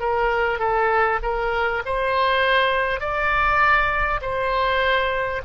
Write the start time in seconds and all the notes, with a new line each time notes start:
0.00 A#4
0.59 A4
1.23 A#4
1.85 C5
3.01 D5
4.22 C5